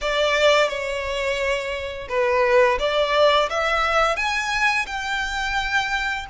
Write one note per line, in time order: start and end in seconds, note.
0.01 0.68 D5
0.68 2.08 C#5
2.08 2.78 B4
2.79 3.49 D5
3.49 4.16 E5
4.16 4.86 G#5
4.86 6.25 G5